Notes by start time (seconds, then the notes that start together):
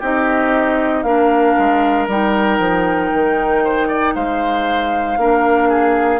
0.00 C4 D#4 G4 D#5
1.03 A#3 D4 A#4 F5
1.59 G#3
2.08 G3 D#4 G5
2.59 F3
3.14 D#3
3.64 C5
3.88 D5
4.15 G#3 C5 F5
5.17 A#3 D4 A#4
5.69 G#4